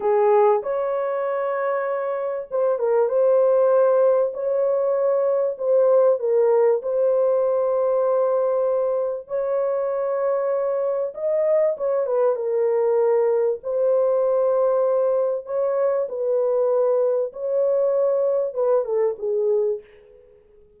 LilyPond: \new Staff \with { instrumentName = "horn" } { \time 4/4 \tempo 4 = 97 gis'4 cis''2. | c''8 ais'8 c''2 cis''4~ | cis''4 c''4 ais'4 c''4~ | c''2. cis''4~ |
cis''2 dis''4 cis''8 b'8 | ais'2 c''2~ | c''4 cis''4 b'2 | cis''2 b'8 a'8 gis'4 | }